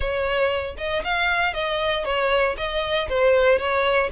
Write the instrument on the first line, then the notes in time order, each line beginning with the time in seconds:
violin
0.00 C#5
0.77 D#5
1.03 F5
1.53 D#5
2.04 C#5
2.57 D#5
3.09 C5
3.58 C#5